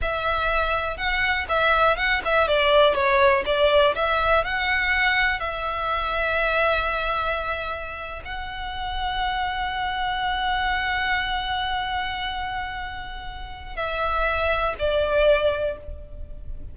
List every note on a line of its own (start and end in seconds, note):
0.01 0.97 E5
0.97 1.46 F#5
1.48 1.96 E5
1.96 2.21 F#5
2.25 2.47 E5
2.47 2.94 D5
2.94 3.43 C#5
3.45 3.95 D5
3.95 4.44 E5
4.44 5.39 F#5
5.39 8.22 E5
8.24 13.76 F#5
13.76 14.74 E5
14.78 15.77 D5